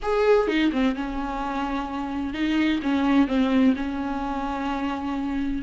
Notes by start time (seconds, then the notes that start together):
0.02 G#4
0.47 D#4
0.72 C4
0.95 C#4
2.33 D#4
2.82 C#4
3.27 C4
3.76 C#4